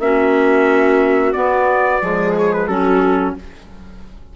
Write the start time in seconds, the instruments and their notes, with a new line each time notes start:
0.00 bassoon A#3, clarinet C#4, viola F#4, trumpet E5
1.33 clarinet B3, bassoon B3, trumpet D5
2.02 bassoon F3, clarinet G#3, viola G#4
2.38 trumpet C#5
2.53 trumpet B4
2.68 bassoon F#3, clarinet C#4, viola F#4, trumpet A4